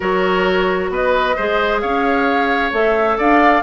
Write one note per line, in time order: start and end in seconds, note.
0.00 0.89 F#3
0.00 1.35 F#4
0.00 0.90 A#4
0.00 0.91 C#5
0.89 1.35 B3
0.89 1.35 B4
0.89 1.80 D#5
1.35 1.83 G#3
1.35 2.71 G#4
1.35 1.81 C5
1.80 2.72 C#4
1.80 3.17 C#5
1.80 2.71 F5
2.71 3.17 A3
2.71 3.62 A4
2.71 3.18 E5
3.17 3.62 D4
3.17 3.62 D5
3.17 3.62 F5